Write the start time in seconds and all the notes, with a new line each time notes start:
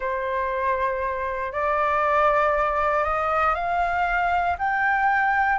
0.00 C5
1.52 D5
3.04 D#5
3.55 F5
4.58 G5